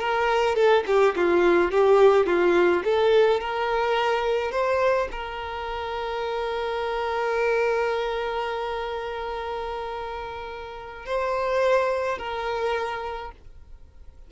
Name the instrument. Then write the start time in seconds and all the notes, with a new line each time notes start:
violin
0.00 A#4
0.56 A4
0.87 G4
1.16 F4
1.72 G4
2.27 F4
2.85 A4
3.41 A#4
4.52 C5
5.12 A#4
11.06 C5
12.19 A#4